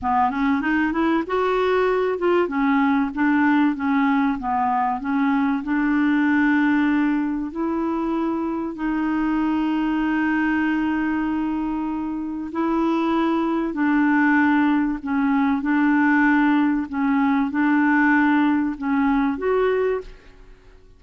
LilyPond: \new Staff \with { instrumentName = "clarinet" } { \time 4/4 \tempo 4 = 96 b8 cis'8 dis'8 e'8 fis'4. f'8 | cis'4 d'4 cis'4 b4 | cis'4 d'2. | e'2 dis'2~ |
dis'1 | e'2 d'2 | cis'4 d'2 cis'4 | d'2 cis'4 fis'4 | }